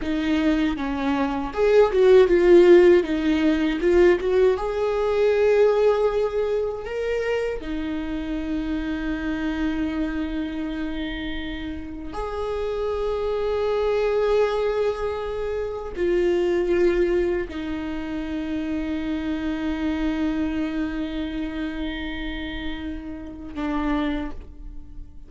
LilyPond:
\new Staff \with { instrumentName = "viola" } { \time 4/4 \tempo 4 = 79 dis'4 cis'4 gis'8 fis'8 f'4 | dis'4 f'8 fis'8 gis'2~ | gis'4 ais'4 dis'2~ | dis'1 |
gis'1~ | gis'4 f'2 dis'4~ | dis'1~ | dis'2. d'4 | }